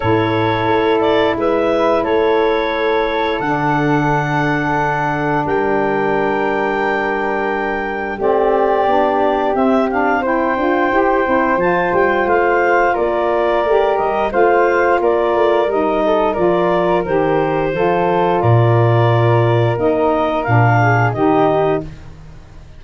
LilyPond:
<<
  \new Staff \with { instrumentName = "clarinet" } { \time 4/4 \tempo 4 = 88 cis''4. d''8 e''4 cis''4~ | cis''4 fis''2. | g''1 | d''2 e''8 f''8 g''4~ |
g''4 a''8 g''8 f''4 d''4~ | d''8 dis''8 f''4 d''4 dis''4 | d''4 c''2 d''4~ | d''4 dis''4 f''4 dis''4 | }
  \new Staff \with { instrumentName = "flute" } { \time 4/4 a'2 b'4 a'4~ | a'1 | ais'1 | g'2. c''4~ |
c''2. ais'4~ | ais'4 c''4 ais'4. a'8 | ais'2 a'4 ais'4~ | ais'2~ ais'8 gis'8 g'4 | }
  \new Staff \with { instrumentName = "saxophone" } { \time 4/4 e'1~ | e'4 d'2.~ | d'1 | c'4 d'4 c'8 d'8 e'8 f'8 |
g'8 e'8 f'2. | g'4 f'2 dis'4 | f'4 g'4 f'2~ | f'4 dis'4 d'4 dis'4 | }
  \new Staff \with { instrumentName = "tuba" } { \time 4/4 a,4 a4 gis4 a4~ | a4 d2. | g1 | a4 b4 c'4. d'8 |
e'8 c'8 f8 g8 a4 ais4 | a8 g8 a4 ais8 a8 g4 | f4 dis4 f4 ais,4~ | ais,4 ais4 ais,4 dis4 | }
>>